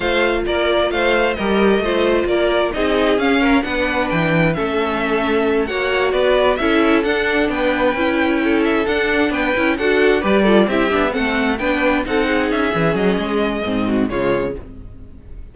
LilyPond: <<
  \new Staff \with { instrumentName = "violin" } { \time 4/4 \tempo 4 = 132 f''4 d''4 f''4 dis''4~ | dis''4 d''4 dis''4 f''4 | fis''4 g''4 e''2~ | e''8 fis''4 d''4 e''4 fis''8~ |
fis''8 g''2~ g''8 e''8 fis''8~ | fis''8 g''4 fis''4 d''4 e''8~ | e''8 fis''4 g''4 fis''4 e''8~ | e''8 dis''2~ dis''8 cis''4 | }
  \new Staff \with { instrumentName = "violin" } { \time 4/4 c''4 ais'4 c''4 ais'4 | c''4 ais'4 gis'4. ais'8 | b'2 a'2~ | a'8 cis''4 b'4 a'4.~ |
a'8 b'2 a'4.~ | a'8 b'4 a'4 b'8 a'8 g'8~ | g'8 a'4 b'4 a'8 gis'4~ | gis'2~ gis'8 fis'8 f'4 | }
  \new Staff \with { instrumentName = "viola" } { \time 4/4 f'2. g'4 | f'2 dis'4 cis'4 | d'2 cis'2~ | cis'8 fis'2 e'4 d'8~ |
d'4. e'2 d'8~ | d'4 e'8 fis'4 g'8 f'8 e'8 | d'8 c'4 d'4 dis'4. | cis'2 c'4 gis4 | }
  \new Staff \with { instrumentName = "cello" } { \time 4/4 a4 ais4 a4 g4 | a4 ais4 c'4 cis'4 | b4 e4 a2~ | a8 ais4 b4 cis'4 d'8~ |
d'8 b4 cis'2 d'8~ | d'8 b8 cis'8 d'4 g4 c'8 | b8 a4 b4 c'4 cis'8 | e8 fis8 gis4 gis,4 cis4 | }
>>